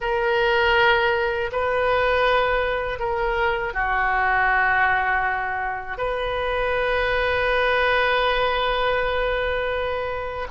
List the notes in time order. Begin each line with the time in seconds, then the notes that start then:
0.00 A#4
1.52 B4
2.99 A#4
3.73 F#4
5.97 B4